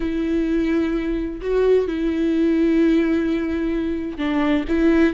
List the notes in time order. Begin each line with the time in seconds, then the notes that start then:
0.00 E4
1.41 F#4
1.87 E4
4.18 D4
4.68 E4